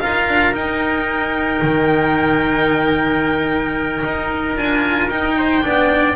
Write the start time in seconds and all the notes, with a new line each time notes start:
0.00 D#4 F4 A#4 F5
0.28 D4
0.53 D#4 G5
1.62 D#3
4.04 D#4
4.56 D4 F4 G#5
5.10 D#4 G5
5.38 C5
5.62 B3 D4 D5